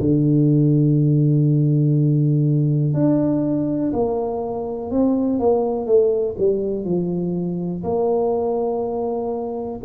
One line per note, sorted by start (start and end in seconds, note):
0.00 2.94 D3
2.94 3.92 D4
3.93 4.91 A#3
4.91 5.40 C4
5.40 5.87 A#3
5.87 6.36 A3
6.38 6.85 G3
6.85 7.84 F3
7.84 9.80 A#3